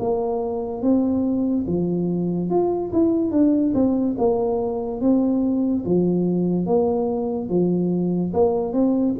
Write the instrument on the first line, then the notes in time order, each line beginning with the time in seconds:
tuba
0.00 A#3
0.82 C4
1.67 F3
2.50 F4
2.93 E4
3.31 D4
3.75 C4
4.19 A#3
5.02 C4
5.85 F3
6.66 A#3
7.50 F3
8.34 A#3
8.73 C4